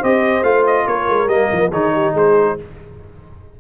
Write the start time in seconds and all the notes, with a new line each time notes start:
0.00 C4 G4 C5 D#5
0.43 A3 F4 F5
0.67 D#5
0.87 A#3 A#4 C#5
1.09 G#3
1.27 G3 A#3 D#5
1.52 F3
1.71 D#3 D#4 G#4 C#5
1.93 G4
2.13 G#3 G#4 C5